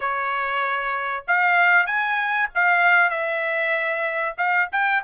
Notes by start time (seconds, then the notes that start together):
0.00 C#5
1.27 F5
1.86 G#5
2.55 F5
3.10 E5
4.37 F5
4.72 G5